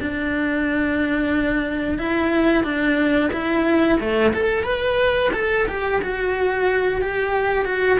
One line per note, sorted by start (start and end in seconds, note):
0.00 1.98 D4
1.98 2.64 E4
2.64 3.30 D4
3.32 3.99 E4
4.00 4.33 A3
4.34 4.63 A4
4.63 5.30 B4
5.34 5.67 A4
5.68 6.01 G4
6.02 7.02 F#4
7.02 7.65 G4
7.65 7.98 F#4